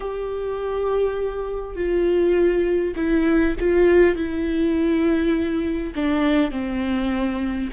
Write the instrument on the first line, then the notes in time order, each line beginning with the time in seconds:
viola
0.00 G4
1.75 F4
2.96 E4
3.59 F4
4.15 E4
5.95 D4
6.51 C4